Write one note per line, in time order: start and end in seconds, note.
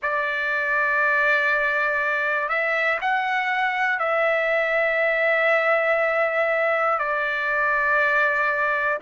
0.02 2.48 D5
2.48 2.98 E5
3.00 3.99 F#5
3.99 6.99 E5
6.99 8.99 D5